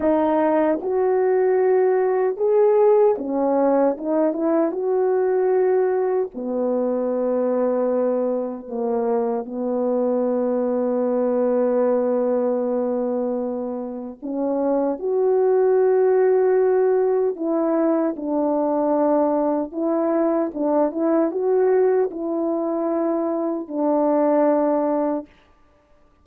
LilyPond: \new Staff \with { instrumentName = "horn" } { \time 4/4 \tempo 4 = 76 dis'4 fis'2 gis'4 | cis'4 dis'8 e'8 fis'2 | b2. ais4 | b1~ |
b2 cis'4 fis'4~ | fis'2 e'4 d'4~ | d'4 e'4 d'8 e'8 fis'4 | e'2 d'2 | }